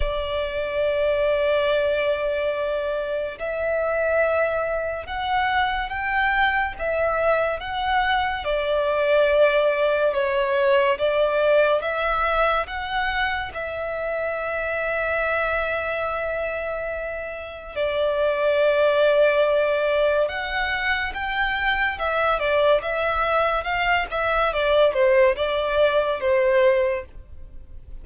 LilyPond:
\new Staff \with { instrumentName = "violin" } { \time 4/4 \tempo 4 = 71 d''1 | e''2 fis''4 g''4 | e''4 fis''4 d''2 | cis''4 d''4 e''4 fis''4 |
e''1~ | e''4 d''2. | fis''4 g''4 e''8 d''8 e''4 | f''8 e''8 d''8 c''8 d''4 c''4 | }